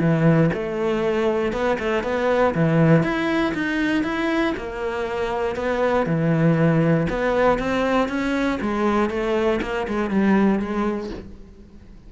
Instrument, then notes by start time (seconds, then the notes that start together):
cello
0.00 E3
0.53 A3
1.52 B3
1.79 A3
2.04 B3
2.55 E3
3.03 E4
3.54 D#4
4.03 E4
4.57 A#3
5.56 B3
6.06 E3
7.09 B3
7.58 C4
8.08 C#4
8.61 G#3
9.10 A3
9.62 A#3
9.88 G#3
10.10 G3
10.59 G#3